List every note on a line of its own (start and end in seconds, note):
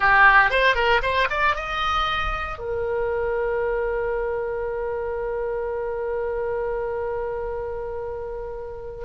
0.00 0.50 G4
0.50 0.75 C5
0.75 1.01 A#4
1.02 1.28 C5
1.29 1.55 D5
1.55 2.58 D#5
2.58 9.05 A#4